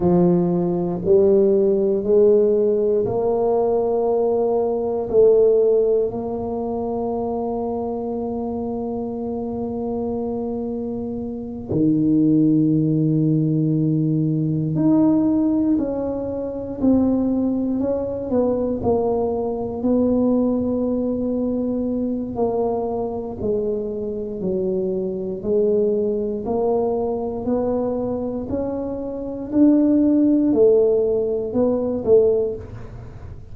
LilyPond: \new Staff \with { instrumentName = "tuba" } { \time 4/4 \tempo 4 = 59 f4 g4 gis4 ais4~ | ais4 a4 ais2~ | ais2.~ ais8 dis8~ | dis2~ dis8 dis'4 cis'8~ |
cis'8 c'4 cis'8 b8 ais4 b8~ | b2 ais4 gis4 | fis4 gis4 ais4 b4 | cis'4 d'4 a4 b8 a8 | }